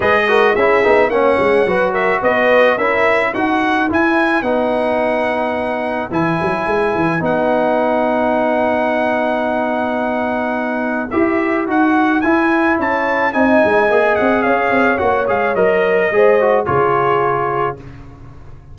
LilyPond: <<
  \new Staff \with { instrumentName = "trumpet" } { \time 4/4 \tempo 4 = 108 dis''4 e''4 fis''4. e''8 | dis''4 e''4 fis''4 gis''4 | fis''2. gis''4~ | gis''4 fis''2.~ |
fis''1 | e''4 fis''4 gis''4 a''4 | gis''4. fis''8 f''4 fis''8 f''8 | dis''2 cis''2 | }
  \new Staff \with { instrumentName = "horn" } { \time 4/4 b'8 ais'8 gis'4 cis''4 b'8 ais'8 | b'4 ais'4 b'2~ | b'1~ | b'1~ |
b'1~ | b'2. cis''4 | dis''2 cis''2~ | cis''4 c''4 gis'2 | }
  \new Staff \with { instrumentName = "trombone" } { \time 4/4 gis'8 fis'8 e'8 dis'8 cis'4 fis'4~ | fis'4 e'4 fis'4 e'4 | dis'2. e'4~ | e'4 dis'2.~ |
dis'1 | g'4 fis'4 e'2 | dis'4 gis'2 fis'8 gis'8 | ais'4 gis'8 fis'8 f'2 | }
  \new Staff \with { instrumentName = "tuba" } { \time 4/4 gis4 cis'8 b8 ais8 gis8 fis4 | b4 cis'4 dis'4 e'4 | b2. e8 fis8 | gis8 e8 b2.~ |
b1 | e'4 dis'4 e'4 cis'4 | c'8 gis8 ais8 c'8 cis'8 c'8 ais8 gis8 | fis4 gis4 cis2 | }
>>